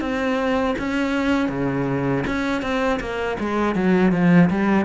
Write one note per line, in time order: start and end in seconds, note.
0.00 0.75 C4
0.78 1.49 C#4
1.49 2.24 C#3
2.27 2.62 C#4
2.62 2.99 C4
3.00 3.37 A#3
3.39 3.75 G#3
3.75 4.12 F#3
4.12 4.49 F3
4.50 4.85 G3